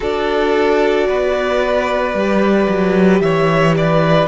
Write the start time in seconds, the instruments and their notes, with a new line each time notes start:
0.00 cello D4, viola F#4, violin A4 D5
1.08 cello B3, violin B4
2.14 cello G3, viola G4
2.68 cello F#3
3.20 cello E3, violin C#5 E5
3.76 violin B4 D5